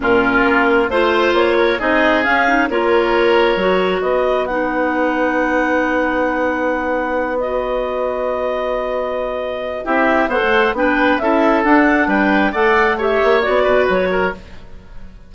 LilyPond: <<
  \new Staff \with { instrumentName = "clarinet" } { \time 4/4 \tempo 4 = 134 ais'2 c''4 cis''4 | dis''4 f''4 cis''2~ | cis''4 dis''4 fis''2~ | fis''1~ |
fis''8 dis''2.~ dis''8~ | dis''2 e''4 fis''4 | g''4 e''4 fis''4 g''4 | fis''4 e''4 d''4 cis''4 | }
  \new Staff \with { instrumentName = "oboe" } { \time 4/4 f'2 c''4. ais'8 | gis'2 ais'2~ | ais'4 b'2.~ | b'1~ |
b'1~ | b'2 g'4 c''4 | b'4 a'2 b'4 | d''4 cis''4. b'4 ais'8 | }
  \new Staff \with { instrumentName = "clarinet" } { \time 4/4 cis'2 f'2 | dis'4 cis'8 dis'8 f'2 | fis'2 dis'2~ | dis'1~ |
dis'8 fis'2.~ fis'8~ | fis'2 e'4 a'4 | d'4 e'4 d'2 | a'4 g'4 fis'2 | }
  \new Staff \with { instrumentName = "bassoon" } { \time 4/4 ais,4 ais4 a4 ais4 | c'4 cis'4 ais2 | fis4 b2.~ | b1~ |
b1~ | b2 c'4 b16 a8. | b4 cis'4 d'4 g4 | a4. ais8 b8 b,8 fis4 | }
>>